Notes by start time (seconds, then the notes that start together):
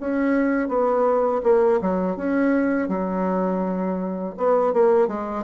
0.00 C#4
0.68 B3
1.43 A#3
1.81 F#3
2.17 C#4
2.88 F#3
4.37 B3
4.73 A#3
5.08 G#3